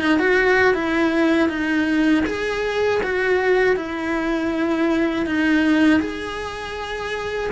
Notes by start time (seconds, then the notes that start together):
0.00 D#4
0.19 F#4
0.74 E4
1.49 D#4
2.26 G#4
3.02 F#4
3.76 E4
5.26 D#4
6.00 G#4